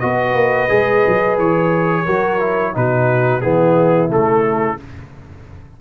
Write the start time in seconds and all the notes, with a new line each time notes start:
0.00 B3 F#4 B4 D#5
0.34 A#3
0.69 G#3 G#4
1.07 F#3
1.38 E3 C#5
2.05 F#3 F#4 A#4
2.40 E4
2.73 B2 D#4 F#4 B4
3.41 E3 B3 E4 G#4
4.09 C#3 A3 A4